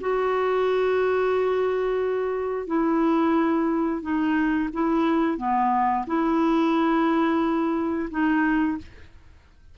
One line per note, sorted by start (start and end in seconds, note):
0.00 2.67 F#4
2.67 4.02 E4
4.02 4.69 D#4
4.73 5.37 E4
5.37 6.05 B3
6.07 8.09 E4
8.10 8.77 D#4